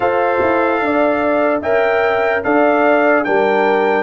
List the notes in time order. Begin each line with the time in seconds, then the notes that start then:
0.00 F4 A4 C5 F5
0.41 E4
0.80 D4 D5
1.62 C#4 A#4 E5 G5
2.43 D4 A4 D5 F5
3.24 G3 D4 A#4 G5